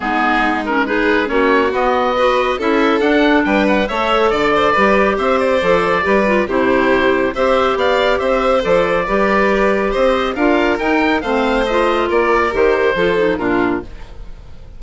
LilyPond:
<<
  \new Staff \with { instrumentName = "oboe" } { \time 4/4 \tempo 4 = 139 gis'4. ais'8 b'4 cis''4 | dis''2 e''4 fis''4 | g''8 fis''8 e''4 d''2 | e''8 d''2~ d''8 c''4~ |
c''4 e''4 f''4 e''4 | d''2. dis''4 | f''4 g''4 f''4 dis''4 | d''4 c''2 ais'4 | }
  \new Staff \with { instrumentName = "violin" } { \time 4/4 dis'2 gis'4 fis'4~ | fis'4 b'4 a'2 | b'4 cis''4 d''8 c''8 b'4 | c''2 b'4 g'4~ |
g'4 c''4 d''4 c''4~ | c''4 b'2 c''4 | ais'2 c''2 | ais'2 a'4 f'4 | }
  \new Staff \with { instrumentName = "clarinet" } { \time 4/4 b4. cis'8 dis'4 cis'4 | b4 fis'4 e'4 d'4~ | d'4 a'2 g'4~ | g'4 a'4 g'8 f'8 e'4~ |
e'4 g'2. | a'4 g'2. | f'4 dis'4 c'4 f'4~ | f'4 g'4 f'8 dis'8 d'4 | }
  \new Staff \with { instrumentName = "bassoon" } { \time 4/4 gis2. ais4 | b2 cis'4 d'4 | g4 a4 d4 g4 | c'4 f4 g4 c4~ |
c4 c'4 b4 c'4 | f4 g2 c'4 | d'4 dis'4 a2 | ais4 dis4 f4 ais,4 | }
>>